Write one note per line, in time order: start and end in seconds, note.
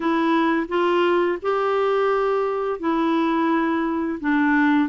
0.00 0.67 E4
0.68 1.38 F4
1.42 2.79 G4
2.79 4.19 E4
4.20 4.89 D4